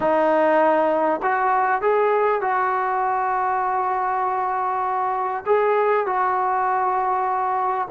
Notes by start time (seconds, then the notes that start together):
0.00 D#4
1.22 F#4
1.81 G#4
2.41 F#4
5.46 G#4
6.06 F#4